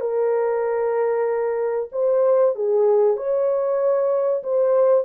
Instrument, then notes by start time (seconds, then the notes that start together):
horn
0.00 A#4
1.92 C5
2.55 G#4
3.16 C#5
4.43 C5